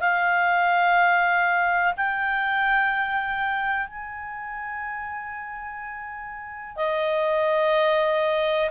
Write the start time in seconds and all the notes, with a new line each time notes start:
0.00 F5
1.97 G5
3.87 G#5
6.77 D#5